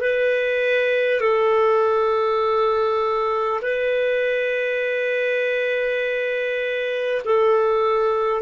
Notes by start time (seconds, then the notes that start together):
0.00 B4
1.20 A4
3.62 B4
7.24 A4